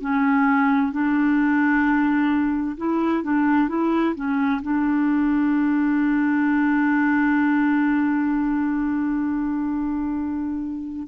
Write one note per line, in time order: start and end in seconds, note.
0.00 0.92 C#4
0.92 2.77 D4
2.77 3.23 E4
3.23 3.68 D4
3.68 4.15 E4
4.15 4.61 C#4
4.62 11.07 D4